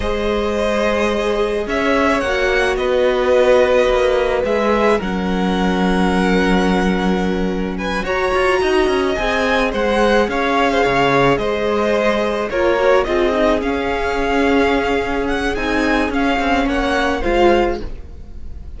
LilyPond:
<<
  \new Staff \with { instrumentName = "violin" } { \time 4/4 \tempo 4 = 108 dis''2. e''4 | fis''4 dis''2. | e''4 fis''2.~ | fis''2 gis''8 ais''4.~ |
ais''8 gis''4 fis''4 f''4.~ | f''8 dis''2 cis''4 dis''8~ | dis''8 f''2. fis''8 | gis''4 f''4 fis''4 f''4 | }
  \new Staff \with { instrumentName = "violin" } { \time 4/4 c''2. cis''4~ | cis''4 b'2.~ | b'4 ais'2.~ | ais'2 b'8 cis''4 dis''8~ |
dis''4. c''4 cis''8. c''16 cis''8~ | cis''8 c''2 ais'4 gis'8~ | gis'1~ | gis'2 cis''4 c''4 | }
  \new Staff \with { instrumentName = "viola" } { \time 4/4 gis'1 | fis'1 | gis'4 cis'2.~ | cis'2~ cis'8 fis'4.~ |
fis'8 gis'2.~ gis'8~ | gis'2~ gis'8 f'8 fis'8 f'8 | dis'8 cis'2.~ cis'8 | dis'4 cis'2 f'4 | }
  \new Staff \with { instrumentName = "cello" } { \time 4/4 gis2. cis'4 | ais4 b2 ais4 | gis4 fis2.~ | fis2~ fis8 fis'8 f'8 dis'8 |
cis'8 c'4 gis4 cis'4 cis8~ | cis8 gis2 ais4 c'8~ | c'8 cis'2.~ cis'8 | c'4 cis'8 c'8 ais4 gis4 | }
>>